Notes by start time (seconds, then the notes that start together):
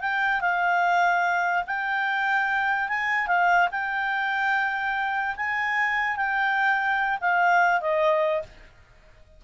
0.00 G5
0.41 F5
1.66 G5
2.88 G#5
3.27 F5
3.71 G5
5.36 G#5
6.16 G5
7.20 F5
7.80 D#5